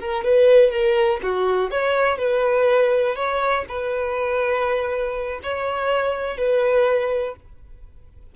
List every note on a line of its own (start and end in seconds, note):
0.00 0.25 A#4
0.25 0.71 B4
0.71 1.20 A#4
1.23 1.71 F#4
1.71 2.18 C#5
2.18 3.16 B4
3.16 3.65 C#5
3.69 5.41 B4
5.43 6.38 C#5
6.38 7.36 B4